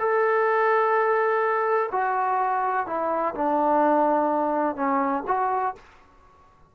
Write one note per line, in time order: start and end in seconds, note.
0.00 1.90 A4
1.92 2.87 F#4
2.87 3.35 E4
3.35 4.76 D4
4.76 5.24 C#4
5.28 5.76 F#4